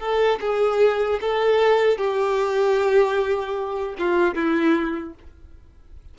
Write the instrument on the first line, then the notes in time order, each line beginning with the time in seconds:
violin
0.00 A4
0.41 G#4
1.21 A4
1.98 G4
3.99 F4
4.35 E4